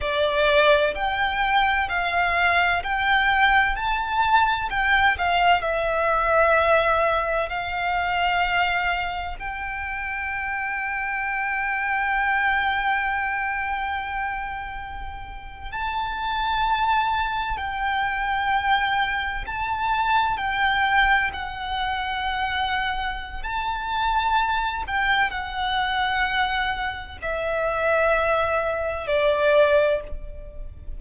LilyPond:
\new Staff \with { instrumentName = "violin" } { \time 4/4 \tempo 4 = 64 d''4 g''4 f''4 g''4 | a''4 g''8 f''8 e''2 | f''2 g''2~ | g''1~ |
g''8. a''2 g''4~ g''16~ | g''8. a''4 g''4 fis''4~ fis''16~ | fis''4 a''4. g''8 fis''4~ | fis''4 e''2 d''4 | }